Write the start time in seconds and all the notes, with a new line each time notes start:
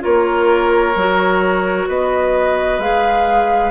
0.00 A#3 F4 A#4 C#5
0.95 F#3 F#4
1.88 B3 B4 D#5
2.78 G#3 G#4 F5